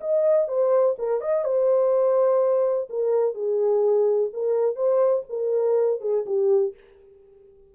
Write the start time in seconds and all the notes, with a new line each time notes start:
0.00 D#5
0.48 C5
0.98 A#4
1.20 D#5
1.44 C5
2.89 A#4
3.34 G#4
4.33 A#4
4.75 C5
5.29 A#4
6.00 G#4
6.25 G4